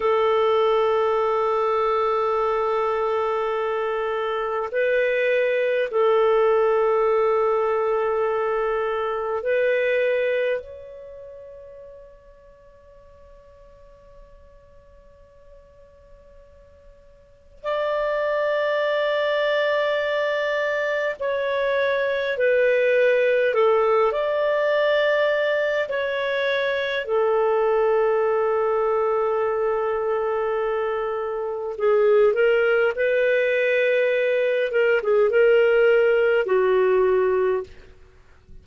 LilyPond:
\new Staff \with { instrumentName = "clarinet" } { \time 4/4 \tempo 4 = 51 a'1 | b'4 a'2. | b'4 cis''2.~ | cis''2. d''4~ |
d''2 cis''4 b'4 | a'8 d''4. cis''4 a'4~ | a'2. gis'8 ais'8 | b'4. ais'16 gis'16 ais'4 fis'4 | }